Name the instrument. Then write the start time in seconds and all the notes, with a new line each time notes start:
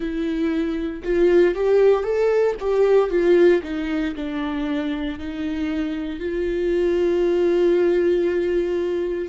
viola
0.00 E4
1.03 F4
1.55 G4
2.03 A4
2.60 G4
3.09 F4
3.63 D#4
4.15 D4
5.19 D#4
6.19 F4